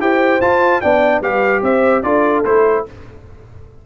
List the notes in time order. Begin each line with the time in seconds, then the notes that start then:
0.00 E4 G4 C5 G5
0.41 F4 A5
0.81 B3 D4 D5 G5
1.21 G3 G4 B4 F5
1.62 C4 C5 E5
2.03 D4 F4 A4 D5
2.45 A3 E4 C5